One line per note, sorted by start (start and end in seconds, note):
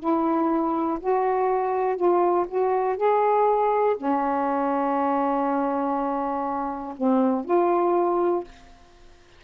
0.00 0.99 E4
1.01 1.97 F#4
1.97 2.46 F4
2.48 2.97 F#4
2.97 3.96 G#4
3.97 6.95 C#4
6.97 7.45 C4
7.45 8.44 F4